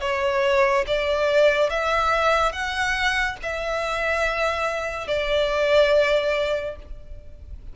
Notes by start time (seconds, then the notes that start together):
0.00 C#5
0.87 D5
1.69 E5
2.52 F#5
3.42 E5
5.07 D5